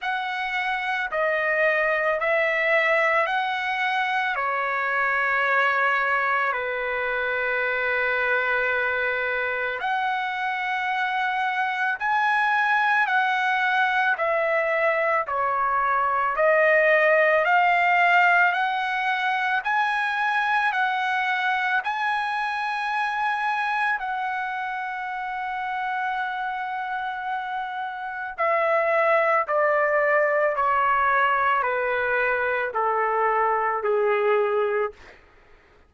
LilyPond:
\new Staff \with { instrumentName = "trumpet" } { \time 4/4 \tempo 4 = 55 fis''4 dis''4 e''4 fis''4 | cis''2 b'2~ | b'4 fis''2 gis''4 | fis''4 e''4 cis''4 dis''4 |
f''4 fis''4 gis''4 fis''4 | gis''2 fis''2~ | fis''2 e''4 d''4 | cis''4 b'4 a'4 gis'4 | }